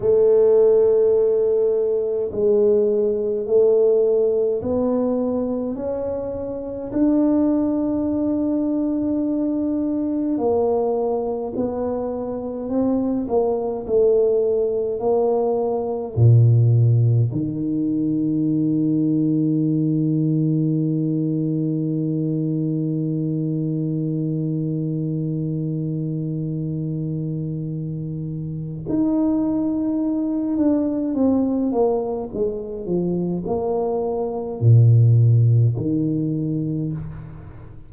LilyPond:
\new Staff \with { instrumentName = "tuba" } { \time 4/4 \tempo 4 = 52 a2 gis4 a4 | b4 cis'4 d'2~ | d'4 ais4 b4 c'8 ais8 | a4 ais4 ais,4 dis4~ |
dis1~ | dis1~ | dis4 dis'4. d'8 c'8 ais8 | gis8 f8 ais4 ais,4 dis4 | }